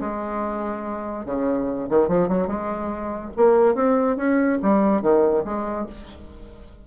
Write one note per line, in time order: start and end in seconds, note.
0.00 1.25 G#3
1.25 1.88 C#3
1.89 2.08 D#3
2.08 2.28 F3
2.28 2.47 F#3
2.47 3.31 G#3
3.36 3.74 A#3
3.74 4.16 C4
4.16 4.58 C#4
4.62 5.02 G3
5.02 5.44 D#3
5.44 5.86 G#3